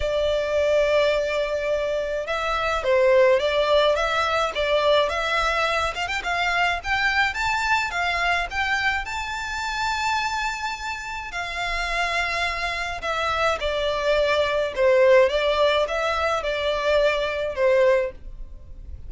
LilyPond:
\new Staff \with { instrumentName = "violin" } { \time 4/4 \tempo 4 = 106 d''1 | e''4 c''4 d''4 e''4 | d''4 e''4. f''16 g''16 f''4 | g''4 a''4 f''4 g''4 |
a''1 | f''2. e''4 | d''2 c''4 d''4 | e''4 d''2 c''4 | }